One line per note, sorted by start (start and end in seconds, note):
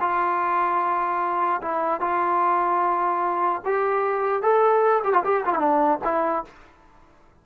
0.00 1.61 F4
1.62 2.01 E4
2.01 3.62 F4
3.65 4.42 G4
4.42 5.02 A4
5.04 5.13 G4
5.13 5.23 F4
5.24 5.44 G4
5.45 5.53 F4
5.53 5.99 D4
5.53 5.59 E4
6.04 6.44 E4